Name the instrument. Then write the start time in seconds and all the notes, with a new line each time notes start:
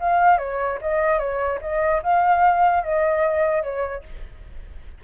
flute
0.00 F5
0.38 C#5
0.81 D#5
1.19 C#5
1.61 D#5
2.03 F5
2.83 D#5
3.62 C#5